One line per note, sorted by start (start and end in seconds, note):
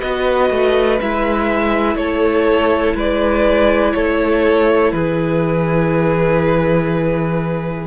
0.00 0.50 B3
0.00 1.00 F#4
0.00 1.97 B4
0.00 0.99 D#5
0.50 0.99 A3
1.01 1.96 G#3
1.01 7.87 E4
1.01 1.97 E5
1.96 2.94 A3
1.96 2.95 A4
1.96 2.95 C#5
2.95 3.93 G#3
2.95 3.94 B4
2.95 3.93 D5
3.93 4.92 A3
3.93 4.94 A4
3.93 4.92 C#5
4.92 7.87 E3
4.92 7.87 G#4
4.92 7.87 B4